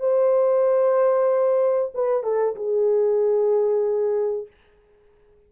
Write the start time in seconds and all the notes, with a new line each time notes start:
0.00 C5
1.94 B4
2.23 A4
2.56 G#4